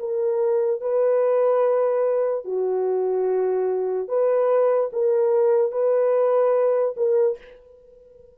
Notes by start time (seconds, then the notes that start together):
0.00 A#4
0.81 B4
2.45 F#4
4.08 B4
4.93 A#4
5.72 B4
6.97 A#4